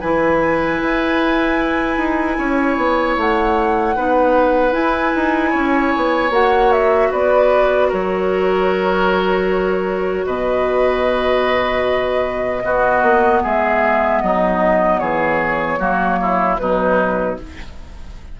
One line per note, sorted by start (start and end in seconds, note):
0.00 0.81 E3
0.00 3.96 E4
0.00 2.37 B4
0.00 3.16 G#5
0.81 1.97 E4
1.97 2.37 D#4
2.38 2.77 C#4
2.38 3.95 C#5
2.77 3.16 B3
3.17 3.96 A3
3.17 4.73 F#5
3.95 4.72 B3
3.95 4.71 D#4
3.95 5.50 B4
4.71 6.29 E4
4.71 5.12 E4
4.71 6.31 G#5
5.15 5.54 D#4
5.50 5.93 C#4
5.50 7.08 C#5
5.96 6.30 B3
6.30 7.09 A#3
6.30 12.62 F#4
6.30 6.72 F#5
6.72 7.11 E5
7.11 7.91 B3
7.11 7.88 B4
7.11 7.91 D5
7.88 10.26 F#3
7.88 10.25 A#4
7.88 10.25 C#5
10.25 12.63 B2
10.25 12.63 B4
10.25 13.41 D#5
12.64 13.02 B3
12.64 15.79 B3
12.64 13.43 F#4
13.02 13.41 A#3
13.43 14.22 G#3
13.43 14.22 G#4
13.43 14.21 E5
14.21 15.00 F#3
14.21 15.00 D#4
14.21 14.99 D#5
14.99 15.79 E3
14.99 15.79 G#4
14.99 16.57 C#5
15.79 16.58 F#3
15.79 16.58 A#3
15.79 16.18 F#4
16.21 16.60 E4
16.57 17.38 B2
16.57 17.38 F#3
16.57 17.39 D#4
16.57 17.36 B4